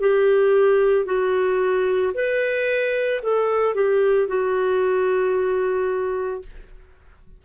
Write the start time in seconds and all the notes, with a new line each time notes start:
0.00 G4
1.05 F#4
2.14 B4
3.22 A4
3.75 G4
4.28 F#4